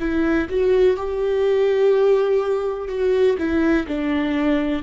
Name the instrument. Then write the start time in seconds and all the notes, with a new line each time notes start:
viola
0.00 E4
0.50 F#4
0.97 G4
2.89 F#4
3.38 E4
3.88 D4